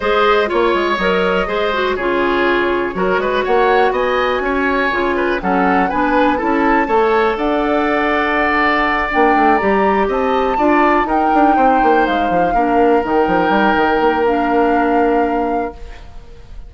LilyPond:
<<
  \new Staff \with { instrumentName = "flute" } { \time 4/4 \tempo 4 = 122 dis''4 cis''4 dis''2 | cis''2. fis''4 | gis''2. fis''4 | gis''4 a''2 fis''4~ |
fis''2~ fis''8 g''4 ais''8~ | ais''8 a''2 g''4.~ | g''8 f''2 g''4.~ | g''4 f''2. | }
  \new Staff \with { instrumentName = "oboe" } { \time 4/4 c''4 cis''2 c''4 | gis'2 ais'8 b'8 cis''4 | dis''4 cis''4. b'8 a'4 | b'4 a'4 cis''4 d''4~ |
d''1~ | d''8 dis''4 d''4 ais'4 c''8~ | c''4. ais'2~ ais'8~ | ais'1 | }
  \new Staff \with { instrumentName = "clarinet" } { \time 4/4 gis'4 f'4 ais'4 gis'8 fis'8 | f'2 fis'2~ | fis'2 f'4 cis'4 | d'4 e'4 a'2~ |
a'2~ a'8 d'4 g'8~ | g'4. f'4 dis'4.~ | dis'4. d'4 dis'4.~ | dis'4 d'2. | }
  \new Staff \with { instrumentName = "bassoon" } { \time 4/4 gis4 ais8 gis8 fis4 gis4 | cis2 fis8 gis8 ais4 | b4 cis'4 cis4 fis4 | b4 cis'4 a4 d'4~ |
d'2~ d'8 ais8 a8 g8~ | g8 c'4 d'4 dis'8 d'8 c'8 | ais8 gis8 f8 ais4 dis8 f8 g8 | dis8 ais2.~ ais8 | }
>>